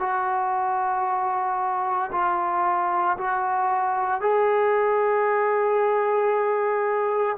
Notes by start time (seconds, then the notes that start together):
0.00 F#4
2.12 F4
3.17 F#4
4.21 G#4